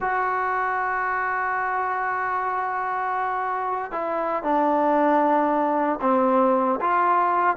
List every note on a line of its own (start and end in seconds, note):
0.00 3.91 F#4
3.91 4.43 E4
4.43 5.99 D4
6.01 6.79 C4
6.80 7.56 F4